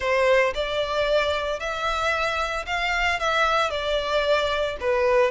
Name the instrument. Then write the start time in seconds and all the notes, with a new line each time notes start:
violin
0.00 C5
0.54 D5
1.59 E5
2.66 F5
3.19 E5
3.70 D5
4.80 B4